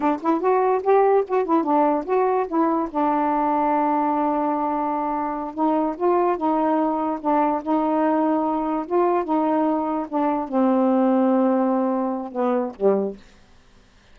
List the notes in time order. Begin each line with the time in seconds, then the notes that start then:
0.00 D4
0.21 E4
0.40 F#4
0.83 G4
1.27 F#4
1.45 E4
1.63 D4
2.05 F#4
2.47 E4
2.90 D4
5.54 D#4
5.97 F4
6.37 D#4
7.20 D4
7.63 D#4
8.86 F4
9.24 D#4
10.08 D4
10.48 C4
12.32 B3
12.75 G3